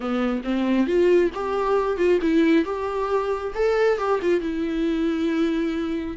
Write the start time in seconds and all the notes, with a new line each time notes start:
0.00 B3
0.44 C4
0.86 F4
1.34 G4
1.97 F4
2.21 E4
2.65 G4
3.55 A4
3.97 G4
4.22 F4
4.40 E4